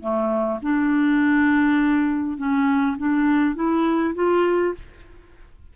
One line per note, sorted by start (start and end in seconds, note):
0.00 0.59 A3
0.62 2.37 D4
2.37 2.96 C#4
2.98 3.55 D4
3.55 4.14 E4
4.14 4.74 F4